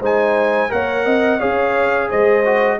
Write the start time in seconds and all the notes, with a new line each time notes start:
0.00 G#3 D#4 C5 G#5
0.69 A#3 A#4 C#5 F#5
1.05 C4 D#5
1.39 C#4 G#4 C#5 F5
2.08 G#3 C5 D#5
2.45 F#4